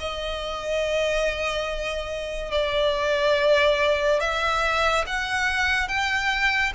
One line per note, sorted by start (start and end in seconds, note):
0.00 2.52 D#5
2.52 4.20 D5
4.20 5.05 E5
5.07 5.88 F#5
5.88 6.73 G5